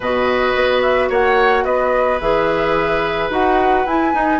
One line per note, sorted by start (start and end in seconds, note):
0.00 0.54 B2
0.00 2.21 F#4
0.00 1.08 B4
0.00 0.81 D#5
0.55 1.10 B3
0.81 1.09 E5
1.09 1.64 A#3
1.09 1.64 C#5
1.09 1.64 F#5
1.64 2.19 B3
1.64 4.39 B4
1.64 2.19 D#5
2.20 3.29 E3
2.20 3.30 G#4
2.20 3.30 E5
3.29 3.84 D#4
3.29 3.85 F#4
3.29 3.86 F#5
3.86 4.13 E4
3.86 4.39 G#5
4.13 4.39 D#4